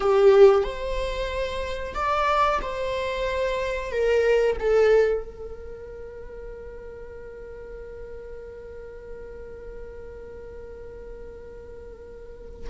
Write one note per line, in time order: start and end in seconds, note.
0.00 0.63 G4
0.63 1.94 C5
1.94 2.59 D5
2.61 3.91 C5
3.91 4.57 A#4
4.59 5.23 A4
5.23 12.69 A#4